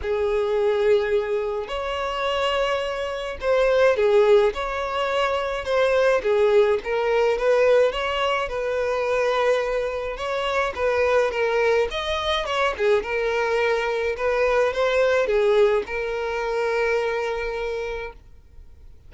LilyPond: \new Staff \with { instrumentName = "violin" } { \time 4/4 \tempo 4 = 106 gis'2. cis''4~ | cis''2 c''4 gis'4 | cis''2 c''4 gis'4 | ais'4 b'4 cis''4 b'4~ |
b'2 cis''4 b'4 | ais'4 dis''4 cis''8 gis'8 ais'4~ | ais'4 b'4 c''4 gis'4 | ais'1 | }